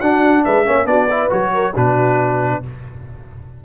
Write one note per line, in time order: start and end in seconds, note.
0.00 0.44 D4
0.00 0.65 D4
0.00 0.44 F#4
0.00 0.43 F#5
0.44 0.66 G#3
0.44 0.66 B4
0.44 0.86 E5
0.65 0.85 A#3
0.65 0.85 C#4
0.65 0.88 C#5
0.85 1.28 B3
0.85 1.07 D4
0.85 1.09 F#4
0.85 1.29 D5
1.09 1.29 E4
1.09 1.52 B4
1.29 1.75 F#3
1.29 1.73 F#4
1.29 1.75 C#5
1.54 1.73 A#4
1.73 2.63 B2
1.73 2.62 D4
1.73 2.60 F#4
1.73 2.64 B4